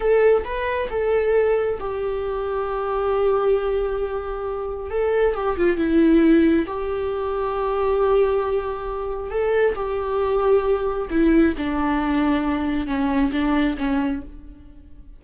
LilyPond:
\new Staff \with { instrumentName = "viola" } { \time 4/4 \tempo 4 = 135 a'4 b'4 a'2 | g'1~ | g'2. a'4 | g'8 f'8 e'2 g'4~ |
g'1~ | g'4 a'4 g'2~ | g'4 e'4 d'2~ | d'4 cis'4 d'4 cis'4 | }